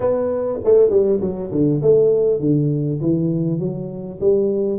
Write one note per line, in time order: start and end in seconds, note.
0.00 0.59 B3
0.64 0.90 A3
0.90 1.20 G3
1.21 1.51 F#3
1.51 1.81 D3
1.82 2.40 A3
2.40 3.00 D3
3.01 3.59 E3
3.59 4.19 F#3
4.20 4.79 G3